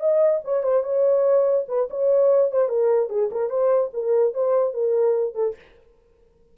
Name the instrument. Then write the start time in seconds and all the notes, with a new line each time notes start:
horn
0.00 D#5
0.45 C#5
0.64 C5
0.84 C#5
1.68 B4
1.91 C#5
2.52 C5
2.69 A#4
3.10 G#4
3.32 A#4
3.50 C5
3.94 A#4
4.34 C5
4.74 A#4
5.35 A4